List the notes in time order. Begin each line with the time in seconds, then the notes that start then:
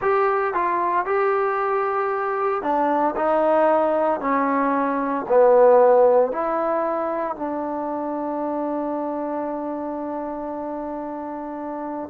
0.01 G4
0.54 F4
1.05 G4
2.62 D4
3.16 D#4
4.20 C#4
5.28 B3
6.32 E4
7.36 D4